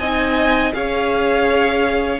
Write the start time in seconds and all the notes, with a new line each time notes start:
0.00 C4 D#4 D#5 G#5
0.73 C#4 G#4 C#5 F5